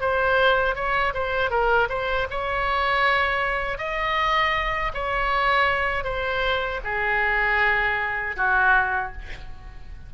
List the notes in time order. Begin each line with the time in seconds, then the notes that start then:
0.00 C5
0.75 C#5
1.14 C5
1.50 A#4
1.89 C5
2.30 C#5
3.78 D#5
4.93 C#5
6.04 C5
6.84 G#4
8.36 F#4